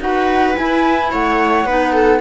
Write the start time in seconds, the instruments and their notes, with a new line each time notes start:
0.00 cello D#4, clarinet F#4, viola B4, flute F#5
0.56 clarinet E4, cello E4, flute G#5
1.12 cello A3, viola C#5, flute F#5
1.65 cello B3, clarinet D#4, viola B4
1.93 viola A4